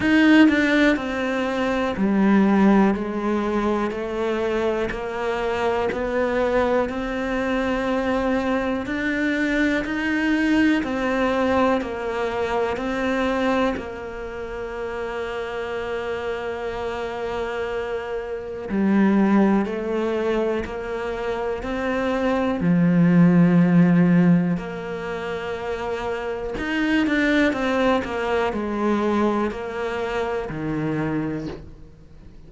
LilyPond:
\new Staff \with { instrumentName = "cello" } { \time 4/4 \tempo 4 = 61 dis'8 d'8 c'4 g4 gis4 | a4 ais4 b4 c'4~ | c'4 d'4 dis'4 c'4 | ais4 c'4 ais2~ |
ais2. g4 | a4 ais4 c'4 f4~ | f4 ais2 dis'8 d'8 | c'8 ais8 gis4 ais4 dis4 | }